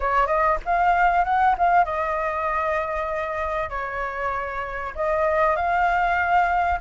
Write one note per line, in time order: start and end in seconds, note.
0.00 0.26 C#5
0.26 0.57 D#5
0.65 1.24 F5
1.24 1.55 F#5
1.57 1.84 F5
1.84 3.69 D#5
3.69 4.93 C#5
4.95 5.56 D#5
5.56 6.79 F5